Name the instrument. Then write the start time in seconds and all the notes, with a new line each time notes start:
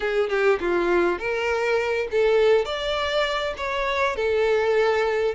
violin
0.00 G#4
0.29 G4
0.59 F4
1.19 A#4
2.11 A4
2.65 D5
3.57 C#5
4.16 A4